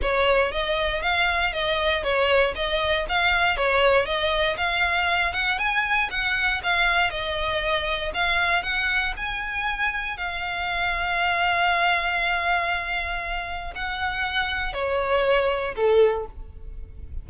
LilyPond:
\new Staff \with { instrumentName = "violin" } { \time 4/4 \tempo 4 = 118 cis''4 dis''4 f''4 dis''4 | cis''4 dis''4 f''4 cis''4 | dis''4 f''4. fis''8 gis''4 | fis''4 f''4 dis''2 |
f''4 fis''4 gis''2 | f''1~ | f''2. fis''4~ | fis''4 cis''2 a'4 | }